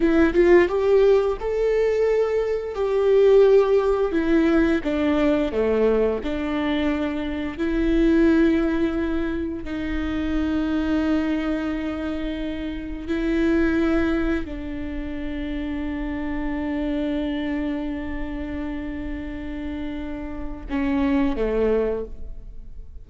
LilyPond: \new Staff \with { instrumentName = "viola" } { \time 4/4 \tempo 4 = 87 e'8 f'8 g'4 a'2 | g'2 e'4 d'4 | a4 d'2 e'4~ | e'2 dis'2~ |
dis'2. e'4~ | e'4 d'2.~ | d'1~ | d'2 cis'4 a4 | }